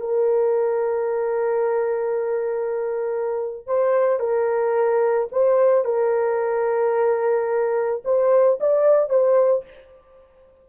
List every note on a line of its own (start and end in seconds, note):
0.00 3.67 A#4
3.67 4.20 C5
4.20 5.29 A#4
5.32 5.85 C5
5.85 8.03 A#4
8.05 8.59 C5
8.60 9.10 D5
9.10 9.64 C5